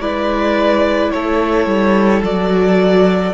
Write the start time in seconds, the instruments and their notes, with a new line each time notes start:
0.00 cello G#3, viola E4, violin B4 D5
1.11 cello A3, violin A4 C#5
1.66 cello G3
2.22 cello F#3, viola F#4, violin D5